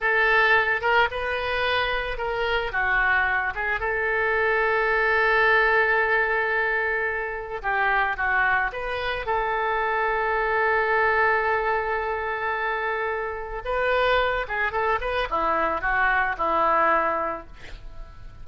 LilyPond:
\new Staff \with { instrumentName = "oboe" } { \time 4/4 \tempo 4 = 110 a'4. ais'8 b'2 | ais'4 fis'4. gis'8 a'4~ | a'1~ | a'2 g'4 fis'4 |
b'4 a'2.~ | a'1~ | a'4 b'4. gis'8 a'8 b'8 | e'4 fis'4 e'2 | }